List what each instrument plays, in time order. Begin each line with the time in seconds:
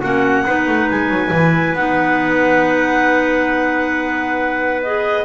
0.00 double bass A#3, clarinet C#4 F#5, trumpet F#4
0.46 double bass B3, clarinet D#4, trumpet B4
0.68 double bass A3
0.90 double bass G#3, clarinet G#5
1.09 double bass F#3
1.32 double bass E3, clarinet E4
1.74 double bass B3, clarinet D#4 F#5
4.83 clarinet G#4 D#5